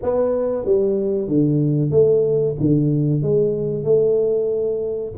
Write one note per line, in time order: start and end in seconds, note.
0.02 0.65 B3
0.65 1.28 G3
1.28 1.91 D3
1.91 2.55 A3
2.60 3.22 D3
3.22 3.84 G#3
3.84 5.13 A3